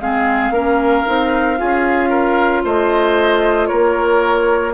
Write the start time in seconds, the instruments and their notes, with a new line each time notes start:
0.00 bassoon G#3, clarinet C4, oboe G#4, flute F5
0.50 bassoon A#3, clarinet C#4, oboe A#4
1.05 bassoon C4, clarinet D#4
1.57 bassoon C#4, clarinet F4, oboe G#4
2.09 oboe A#4
2.64 bassoon A3, oboe C5, flute D#5
3.67 bassoon A#3, oboe A#4, flute C#5